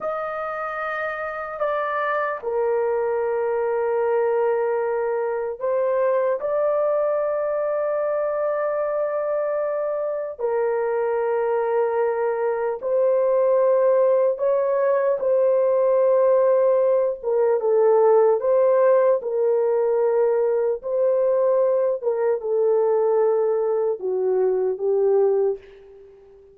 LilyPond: \new Staff \with { instrumentName = "horn" } { \time 4/4 \tempo 4 = 75 dis''2 d''4 ais'4~ | ais'2. c''4 | d''1~ | d''4 ais'2. |
c''2 cis''4 c''4~ | c''4. ais'8 a'4 c''4 | ais'2 c''4. ais'8 | a'2 fis'4 g'4 | }